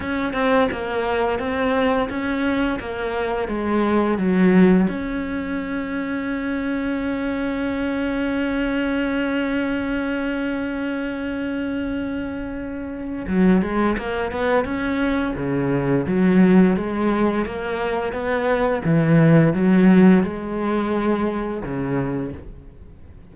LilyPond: \new Staff \with { instrumentName = "cello" } { \time 4/4 \tempo 4 = 86 cis'8 c'8 ais4 c'4 cis'4 | ais4 gis4 fis4 cis'4~ | cis'1~ | cis'1~ |
cis'2. fis8 gis8 | ais8 b8 cis'4 cis4 fis4 | gis4 ais4 b4 e4 | fis4 gis2 cis4 | }